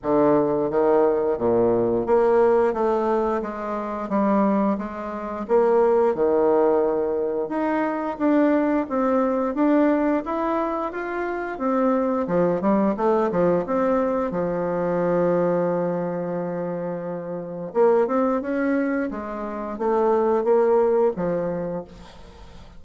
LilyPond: \new Staff \with { instrumentName = "bassoon" } { \time 4/4 \tempo 4 = 88 d4 dis4 ais,4 ais4 | a4 gis4 g4 gis4 | ais4 dis2 dis'4 | d'4 c'4 d'4 e'4 |
f'4 c'4 f8 g8 a8 f8 | c'4 f2.~ | f2 ais8 c'8 cis'4 | gis4 a4 ais4 f4 | }